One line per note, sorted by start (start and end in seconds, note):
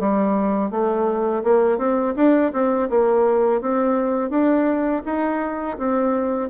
0.00 0.71 G3
0.71 1.44 A3
1.44 1.78 A#3
1.78 2.15 C4
2.16 2.52 D4
2.53 2.89 C4
2.90 3.61 A#3
3.61 4.30 C4
4.30 5.03 D4
5.05 5.78 D#4
5.78 6.50 C4